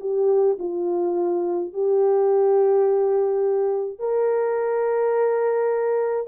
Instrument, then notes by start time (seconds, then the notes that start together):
horn
0.00 G4
0.59 F4
1.73 G4
3.99 A#4